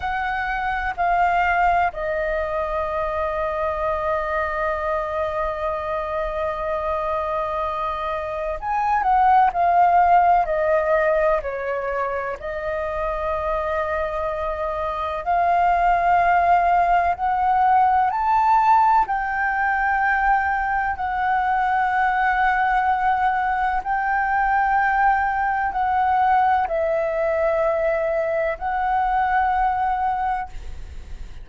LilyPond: \new Staff \with { instrumentName = "flute" } { \time 4/4 \tempo 4 = 63 fis''4 f''4 dis''2~ | dis''1~ | dis''4 gis''8 fis''8 f''4 dis''4 | cis''4 dis''2. |
f''2 fis''4 a''4 | g''2 fis''2~ | fis''4 g''2 fis''4 | e''2 fis''2 | }